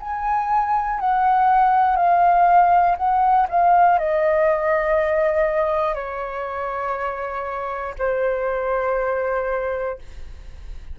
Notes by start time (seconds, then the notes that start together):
0.00 G#5
1.00 F#5
1.96 F5
2.98 F#5
3.49 F5
3.99 D#5
5.95 C#5
7.99 C5